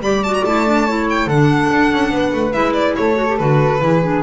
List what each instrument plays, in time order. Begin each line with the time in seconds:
0.00 double bass G3, clarinet G4, flute D5, violin B5
0.23 clarinet F#4, violin A5
0.34 violin A#5
0.44 double bass A3, clarinet E4, violin A5
0.66 clarinet D4
0.87 clarinet E4, flute C#5
1.10 violin G5
1.27 double bass D3, clarinet D4, flute A4, violin F#5
1.71 double bass D4
1.93 double bass C#4
2.11 double bass B3, flute B4
2.33 double bass A3
2.52 double bass G#3, clarinet E4, violin E5
2.74 violin D5
2.96 double bass A3, flute A4, violin C#5
3.15 clarinet F#4
3.29 clarinet G4
3.38 double bass D3, clarinet F#4, violin B4
3.80 double bass E3, clarinet E4, flute G#4
4.03 clarinet D4